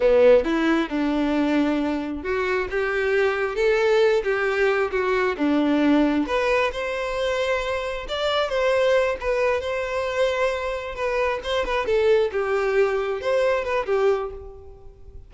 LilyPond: \new Staff \with { instrumentName = "violin" } { \time 4/4 \tempo 4 = 134 b4 e'4 d'2~ | d'4 fis'4 g'2 | a'4. g'4. fis'4 | d'2 b'4 c''4~ |
c''2 d''4 c''4~ | c''8 b'4 c''2~ c''8~ | c''8 b'4 c''8 b'8 a'4 g'8~ | g'4. c''4 b'8 g'4 | }